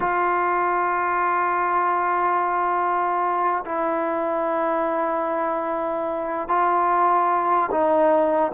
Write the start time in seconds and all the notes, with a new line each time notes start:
0.00 F4
3.65 E4
6.48 F4
7.71 D#4